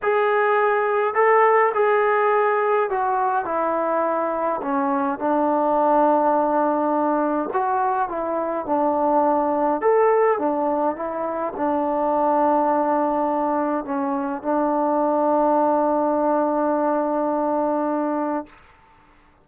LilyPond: \new Staff \with { instrumentName = "trombone" } { \time 4/4 \tempo 4 = 104 gis'2 a'4 gis'4~ | gis'4 fis'4 e'2 | cis'4 d'2.~ | d'4 fis'4 e'4 d'4~ |
d'4 a'4 d'4 e'4 | d'1 | cis'4 d'2.~ | d'1 | }